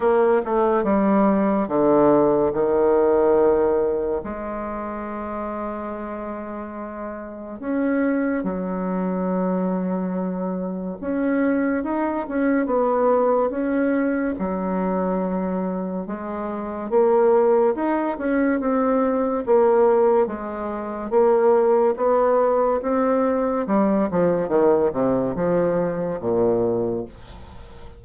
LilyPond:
\new Staff \with { instrumentName = "bassoon" } { \time 4/4 \tempo 4 = 71 ais8 a8 g4 d4 dis4~ | dis4 gis2.~ | gis4 cis'4 fis2~ | fis4 cis'4 dis'8 cis'8 b4 |
cis'4 fis2 gis4 | ais4 dis'8 cis'8 c'4 ais4 | gis4 ais4 b4 c'4 | g8 f8 dis8 c8 f4 ais,4 | }